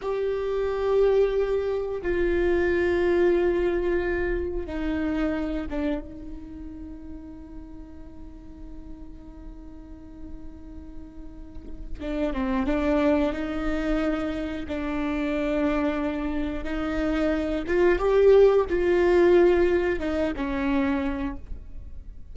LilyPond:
\new Staff \with { instrumentName = "viola" } { \time 4/4 \tempo 4 = 90 g'2. f'4~ | f'2. dis'4~ | dis'8 d'8 dis'2.~ | dis'1~ |
dis'2 d'8 c'8 d'4 | dis'2 d'2~ | d'4 dis'4. f'8 g'4 | f'2 dis'8 cis'4. | }